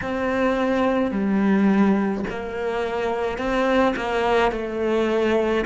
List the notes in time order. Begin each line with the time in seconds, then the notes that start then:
0.01 C4
1.11 G3
2.30 A#3
3.38 C4
3.96 A#3
4.51 A3